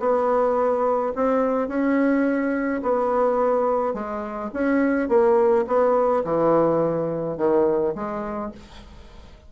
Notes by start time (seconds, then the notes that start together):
0.00 B3
1.16 C4
1.68 C#4
2.83 B3
3.94 G#3
4.54 C#4
5.09 A#3
5.67 B3
6.24 E3
7.38 D#3
7.95 G#3